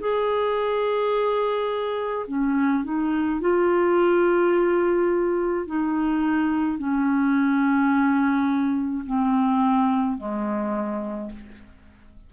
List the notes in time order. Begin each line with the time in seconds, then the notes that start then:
0.00 G#4
2.27 C#4
2.84 D#4
3.41 F4
5.67 D#4
6.78 C#4
9.06 C4
10.17 G#3